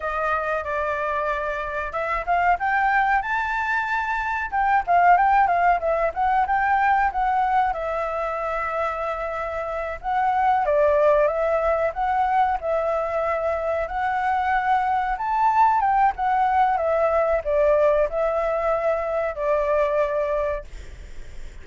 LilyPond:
\new Staff \with { instrumentName = "flute" } { \time 4/4 \tempo 4 = 93 dis''4 d''2 e''8 f''8 | g''4 a''2 g''8 f''8 | g''8 f''8 e''8 fis''8 g''4 fis''4 | e''2.~ e''8 fis''8~ |
fis''8 d''4 e''4 fis''4 e''8~ | e''4. fis''2 a''8~ | a''8 g''8 fis''4 e''4 d''4 | e''2 d''2 | }